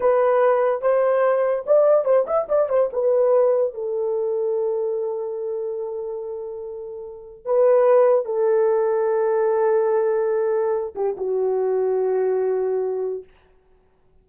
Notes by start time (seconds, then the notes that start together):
0.00 B4
0.81 C5
1.66 D5
2.05 C5
2.26 E5
2.48 D5
2.69 C5
2.92 B4
3.74 A4
7.45 B4
8.25 A4
10.95 G4
11.17 F#4